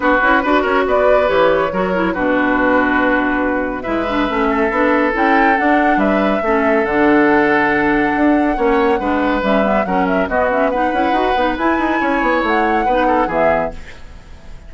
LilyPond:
<<
  \new Staff \with { instrumentName = "flute" } { \time 4/4 \tempo 4 = 140 b'4. cis''8 d''4 cis''4~ | cis''4 b'2.~ | b'4 e''2. | g''4 fis''4 e''2 |
fis''1~ | fis''2 e''4 fis''8 e''8 | dis''8 e''8 fis''2 gis''4~ | gis''4 fis''2 e''4 | }
  \new Staff \with { instrumentName = "oboe" } { \time 4/4 fis'4 b'8 ais'8 b'2 | ais'4 fis'2.~ | fis'4 b'4. a'4.~ | a'2 b'4 a'4~ |
a'1 | cis''4 b'2 ais'4 | fis'4 b'2. | cis''2 b'8 a'8 gis'4 | }
  \new Staff \with { instrumentName = "clarinet" } { \time 4/4 d'8 e'8 fis'2 g'4 | fis'8 e'8 d'2.~ | d'4 e'8 d'8 cis'4 d'4 | e'4 d'2 cis'4 |
d'1 | cis'4 d'4 cis'8 b8 cis'4 | b8 cis'8 dis'8 e'8 fis'8 dis'8 e'4~ | e'2 dis'4 b4 | }
  \new Staff \with { instrumentName = "bassoon" } { \time 4/4 b8 cis'8 d'8 cis'8 b4 e4 | fis4 b,2.~ | b,4 gis4 a4 b4 | cis'4 d'4 g4 a4 |
d2. d'4 | ais4 gis4 g4 fis4 | b4. cis'8 dis'8 b8 e'8 dis'8 | cis'8 b8 a4 b4 e4 | }
>>